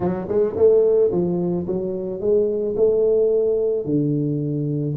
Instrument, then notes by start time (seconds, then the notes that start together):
tuba
0.00 F#3
0.28 G#3
0.56 A3
1.11 F3
1.67 F#3
2.20 G#3
2.76 A3
3.85 D3